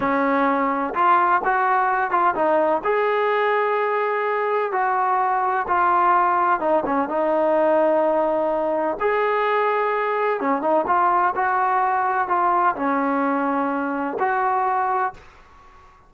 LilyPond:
\new Staff \with { instrumentName = "trombone" } { \time 4/4 \tempo 4 = 127 cis'2 f'4 fis'4~ | fis'8 f'8 dis'4 gis'2~ | gis'2 fis'2 | f'2 dis'8 cis'8 dis'4~ |
dis'2. gis'4~ | gis'2 cis'8 dis'8 f'4 | fis'2 f'4 cis'4~ | cis'2 fis'2 | }